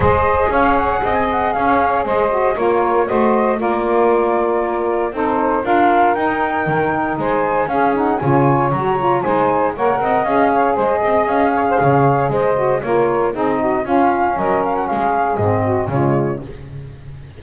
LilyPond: <<
  \new Staff \with { instrumentName = "flute" } { \time 4/4 \tempo 4 = 117 dis''4 f''8 fis''8. gis''16 fis''8 f''4 | dis''4 cis''4 dis''4 d''4~ | d''2 c''4 f''4 | g''2 gis''4 f''8 fis''8 |
gis''4 ais''4 gis''4 fis''4 | f''4 dis''4 f''2 | dis''4 cis''4 dis''4 f''4 | dis''8 f''16 fis''16 f''4 dis''4 cis''4 | }
  \new Staff \with { instrumentName = "saxophone" } { \time 4/4 c''4 cis''4 dis''4 cis''4 | c''4 ais'4 c''4 ais'4~ | ais'2 a'4 ais'4~ | ais'2 c''4 gis'4 |
cis''2 c''4 cis''8 dis''8~ | dis''8 cis''8 c''8 dis''4 cis''16 c''16 cis''4 | c''4 ais'4 gis'8 fis'8 f'4 | ais'4 gis'4. fis'8 f'4 | }
  \new Staff \with { instrumentName = "saxophone" } { \time 4/4 gis'1~ | gis'8 fis'8 f'4 fis'4 f'4~ | f'2 dis'4 f'4 | dis'2. cis'8 dis'8 |
f'4 fis'8 f'8 dis'4 ais'4 | gis'1~ | gis'8 fis'8 f'4 dis'4 cis'4~ | cis'2 c'4 gis4 | }
  \new Staff \with { instrumentName = "double bass" } { \time 4/4 gis4 cis'4 c'4 cis'4 | gis4 ais4 a4 ais4~ | ais2 c'4 d'4 | dis'4 dis4 gis4 cis'4 |
cis4 fis4 gis4 ais8 c'8 | cis'4 gis8 c'8 cis'4 cis4 | gis4 ais4 c'4 cis'4 | fis4 gis4 gis,4 cis4 | }
>>